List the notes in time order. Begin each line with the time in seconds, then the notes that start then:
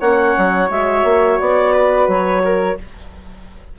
0.00 A#3 C#4 C#5 F#5
0.38 F#3
0.70 G#3 F#4 E5
1.04 A#3
1.40 B3 D5
1.72 B4
2.07 F#3 C#5
2.44 A#4